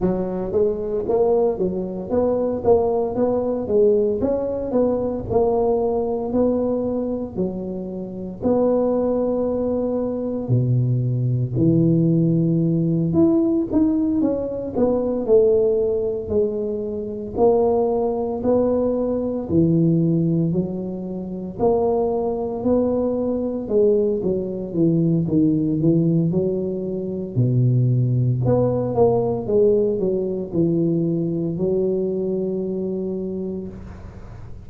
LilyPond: \new Staff \with { instrumentName = "tuba" } { \time 4/4 \tempo 4 = 57 fis8 gis8 ais8 fis8 b8 ais8 b8 gis8 | cis'8 b8 ais4 b4 fis4 | b2 b,4 e4~ | e8 e'8 dis'8 cis'8 b8 a4 gis8~ |
gis8 ais4 b4 e4 fis8~ | fis8 ais4 b4 gis8 fis8 e8 | dis8 e8 fis4 b,4 b8 ais8 | gis8 fis8 e4 fis2 | }